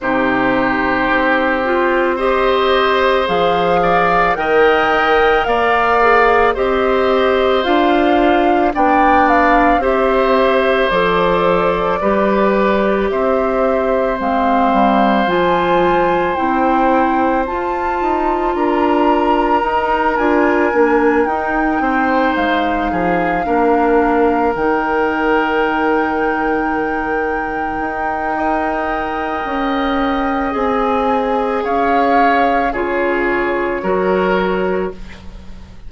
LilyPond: <<
  \new Staff \with { instrumentName = "flute" } { \time 4/4 \tempo 4 = 55 c''2 dis''4 f''4 | g''4 f''4 dis''4 f''4 | g''8 f''8 e''4 d''2 | e''4 f''4 gis''4 g''4 |
a''4 ais''4. gis''4 g''8~ | g''8 f''2 g''4.~ | g''1 | gis''4 f''4 cis''2 | }
  \new Staff \with { instrumentName = "oboe" } { \time 4/4 g'2 c''4. d''8 | dis''4 d''4 c''2 | d''4 c''2 b'4 | c''1~ |
c''4 ais'2. | c''4 gis'8 ais'2~ ais'8~ | ais'2 dis''2~ | dis''4 cis''4 gis'4 ais'4 | }
  \new Staff \with { instrumentName = "clarinet" } { \time 4/4 dis'4. f'8 g'4 gis'4 | ais'4. gis'8 g'4 f'4 | d'4 g'4 a'4 g'4~ | g'4 c'4 f'4 e'4 |
f'2 dis'8 f'8 d'8 dis'8~ | dis'4. d'4 dis'4.~ | dis'2 ais'2 | gis'2 f'4 fis'4 | }
  \new Staff \with { instrumentName = "bassoon" } { \time 4/4 c4 c'2 f4 | dis4 ais4 c'4 d'4 | b4 c'4 f4 g4 | c'4 gis8 g8 f4 c'4 |
f'8 dis'8 d'4 dis'8 d'8 ais8 dis'8 | c'8 gis8 f8 ais4 dis4.~ | dis4. dis'4. cis'4 | c'4 cis'4 cis4 fis4 | }
>>